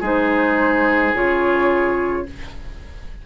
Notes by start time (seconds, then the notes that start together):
0.00 G#3 D#4 G#4 C5
1.14 C#3 F4 C#5